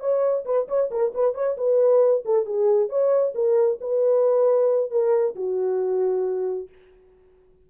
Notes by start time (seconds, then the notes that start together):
0.00 C#5
0.46 B4
0.68 C#5
0.91 A#4
1.15 B4
1.35 C#5
1.57 B4
2.26 A4
2.46 G#4
2.89 C#5
3.35 A#4
3.81 B4
4.91 A#4
5.36 F#4